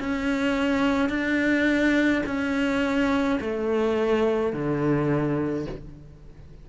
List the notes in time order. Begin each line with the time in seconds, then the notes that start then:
0.00 C#4
1.10 D4
2.26 C#4
3.41 A3
4.53 D3